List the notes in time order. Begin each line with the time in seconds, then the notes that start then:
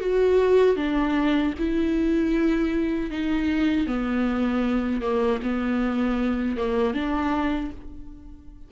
0.00 F#4
0.76 D4
1.58 E4
3.10 D#4
3.87 B3
5.01 A#3
5.42 B3
6.57 A#3
6.94 D4